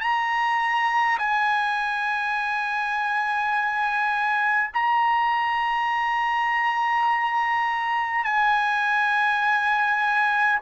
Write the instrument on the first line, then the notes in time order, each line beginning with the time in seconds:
trumpet
0.00 A#5
1.18 G#5
4.73 A#5
8.24 G#5